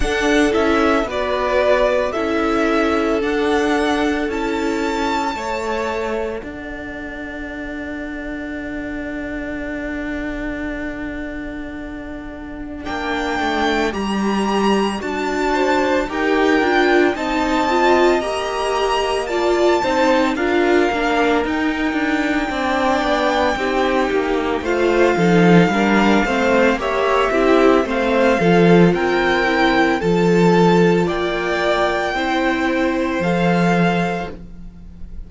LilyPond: <<
  \new Staff \with { instrumentName = "violin" } { \time 4/4 \tempo 4 = 56 fis''8 e''8 d''4 e''4 fis''4 | a''2 fis''2~ | fis''1 | g''4 ais''4 a''4 g''4 |
a''4 ais''4 a''4 f''4 | g''2. f''4~ | f''4 e''4 f''4 g''4 | a''4 g''2 f''4 | }
  \new Staff \with { instrumentName = "violin" } { \time 4/4 a'4 b'4 a'2~ | a'4 cis''4 d''2~ | d''1~ | d''2~ d''8 c''8 ais'4 |
dis''2 d''8 c''8 ais'4~ | ais'4 d''4 g'4 c''8 a'8 | ais'8 c''8 cis''8 g'8 c''8 a'8 ais'4 | a'4 d''4 c''2 | }
  \new Staff \with { instrumentName = "viola" } { \time 4/4 d'8 e'8 fis'4 e'4 d'4 | e'4 a'2.~ | a'1 | d'4 g'4 fis'4 g'8 f'8 |
dis'8 f'8 g'4 f'8 dis'8 f'8 d'8 | dis'4 d'4 dis'4 f'8 dis'8 | d'8 c'8 g'8 e'8 c'8 f'4 e'8 | f'2 e'4 a'4 | }
  \new Staff \with { instrumentName = "cello" } { \time 4/4 d'8 cis'8 b4 cis'4 d'4 | cis'4 a4 d'2~ | d'1 | ais8 a8 g4 d'4 dis'8 d'8 |
c'4 ais4. c'8 d'8 ais8 | dis'8 d'8 c'8 b8 c'8 ais8 a8 f8 | g8 a8 ais8 c'8 a8 f8 c'4 | f4 ais4 c'4 f4 | }
>>